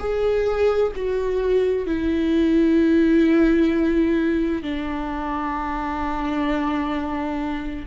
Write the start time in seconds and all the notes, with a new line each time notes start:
0.00 G#4
0.96 F#4
1.87 E4
4.63 D4